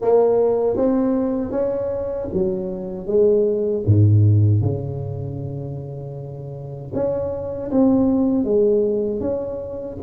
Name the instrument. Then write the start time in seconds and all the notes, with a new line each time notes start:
tuba
0.01 A#3
0.76 C4
1.51 C#4
2.33 F#3
3.07 G#3
3.86 G#2
4.61 C#3
6.93 C#4
7.71 C4
8.44 G#3
9.20 C#4